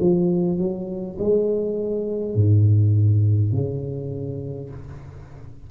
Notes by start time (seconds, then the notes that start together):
0.00 F3
0.58 F#3
1.19 G#3
2.35 G#2
3.52 C#3